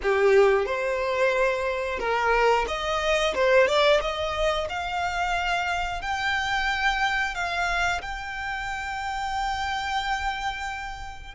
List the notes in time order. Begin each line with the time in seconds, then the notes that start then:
0.02 G4
0.65 C5
1.98 A#4
2.67 D#5
3.34 C5
3.67 D5
4.01 D#5
4.69 F5
6.01 G5
7.34 F5
8.01 G5